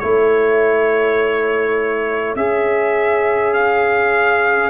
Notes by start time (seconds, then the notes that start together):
0.00 A3 E4 C#5
2.36 C#4 G#4 E5
3.54 F5